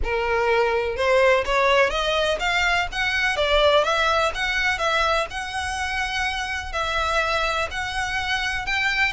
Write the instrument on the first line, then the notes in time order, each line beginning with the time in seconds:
violin
0.03 A#4
0.96 C5
1.45 C#5
1.90 D#5
2.39 F5
2.92 F#5
3.36 D5
3.84 E5
4.34 F#5
4.78 E5
5.30 F#5
6.72 E5
7.71 F#5
8.65 G5